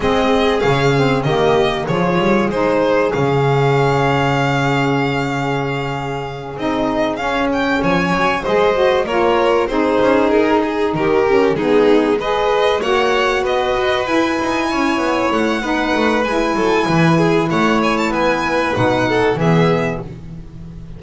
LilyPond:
<<
  \new Staff \with { instrumentName = "violin" } { \time 4/4 \tempo 4 = 96 dis''4 f''4 dis''4 cis''4 | c''4 f''2.~ | f''2~ f''8 dis''4 f''8 | g''8 gis''4 dis''4 cis''4 c''8~ |
c''8 ais'8 gis'8 ais'4 gis'4 dis''8~ | dis''8 fis''4 dis''4 gis''4.~ | gis''8 fis''4. gis''2 | fis''8 gis''16 a''16 gis''4 fis''4 e''4 | }
  \new Staff \with { instrumentName = "violin" } { \time 4/4 gis'2 g'4 gis'4~ | gis'1~ | gis'1~ | gis'8 cis''4 c''4 ais'4 gis'8~ |
gis'4. g'4 dis'4 b'8~ | b'8 cis''4 b'2 cis''8~ | cis''4 b'4. a'8 b'8 gis'8 | cis''4 b'4. a'8 gis'4 | }
  \new Staff \with { instrumentName = "saxophone" } { \time 4/4 c'4 cis'8 c'8 ais4 f'4 | dis'4 cis'2.~ | cis'2~ cis'8 dis'4 cis'8~ | cis'4. gis'8 fis'8 f'4 dis'8~ |
dis'2 cis'8 b4 gis'8~ | gis'8 fis'2 e'4.~ | e'4 dis'4 e'2~ | e'2 dis'4 b4 | }
  \new Staff \with { instrumentName = "double bass" } { \time 4/4 gis4 cis4 dis4 f8 g8 | gis4 cis2.~ | cis2~ cis8 c'4 cis'8~ | cis'8 f8 fis8 gis4 ais4 c'8 |
cis'8 dis'4 dis4 gis4.~ | gis8 ais4 b8 fis'8 e'8 dis'8 cis'8 | b8 a8 b8 a8 gis8 fis8 e4 | a4 b4 b,4 e4 | }
>>